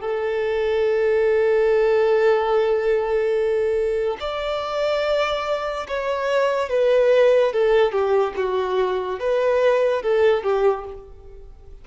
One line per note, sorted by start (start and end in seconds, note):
0.00 4.17 A4
4.20 5.86 D5
5.88 6.69 C#5
6.69 7.52 B4
7.53 7.92 A4
7.92 8.33 G4
8.36 9.20 F#4
9.20 10.02 B4
10.02 10.43 A4
10.43 10.84 G4